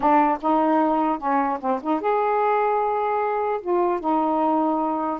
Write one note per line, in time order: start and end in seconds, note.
0.00 0.38 D4
0.41 1.18 D#4
1.18 1.58 C#4
1.60 1.80 C4
1.82 2.00 D#4
2.00 3.60 G#4
3.61 3.99 F4
3.99 5.19 D#4